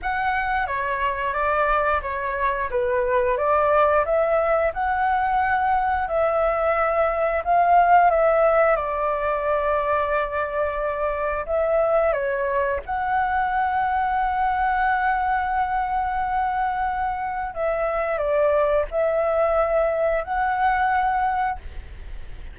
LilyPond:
\new Staff \with { instrumentName = "flute" } { \time 4/4 \tempo 4 = 89 fis''4 cis''4 d''4 cis''4 | b'4 d''4 e''4 fis''4~ | fis''4 e''2 f''4 | e''4 d''2.~ |
d''4 e''4 cis''4 fis''4~ | fis''1~ | fis''2 e''4 d''4 | e''2 fis''2 | }